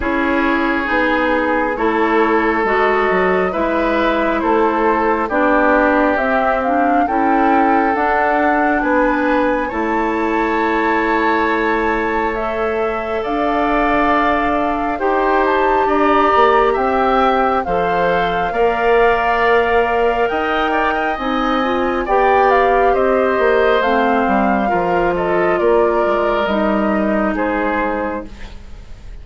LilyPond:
<<
  \new Staff \with { instrumentName = "flute" } { \time 4/4 \tempo 4 = 68 cis''4 gis'4 cis''4 dis''4 | e''4 c''4 d''4 e''8 f''8 | g''4 fis''4 gis''4 a''4~ | a''2 e''4 f''4~ |
f''4 g''8 a''8 ais''4 g''4 | f''2. g''4 | gis''4 g''8 f''8 dis''4 f''4~ | f''8 dis''8 d''4 dis''4 c''4 | }
  \new Staff \with { instrumentName = "oboe" } { \time 4/4 gis'2 a'2 | b'4 a'4 g'2 | a'2 b'4 cis''4~ | cis''2. d''4~ |
d''4 c''4 d''4 e''4 | c''4 d''2 dis''8 d''16 dis''16~ | dis''4 d''4 c''2 | ais'8 a'8 ais'2 gis'4 | }
  \new Staff \with { instrumentName = "clarinet" } { \time 4/4 e'4 dis'4 e'4 fis'4 | e'2 d'4 c'8 d'8 | e'4 d'2 e'4~ | e'2 a'2~ |
a'4 g'2. | a'4 ais'2. | dis'8 f'8 g'2 c'4 | f'2 dis'2 | }
  \new Staff \with { instrumentName = "bassoon" } { \time 4/4 cis'4 b4 a4 gis8 fis8 | gis4 a4 b4 c'4 | cis'4 d'4 b4 a4~ | a2. d'4~ |
d'4 dis'4 d'8 ais8 c'4 | f4 ais2 dis'4 | c'4 b4 c'8 ais8 a8 g8 | f4 ais8 gis8 g4 gis4 | }
>>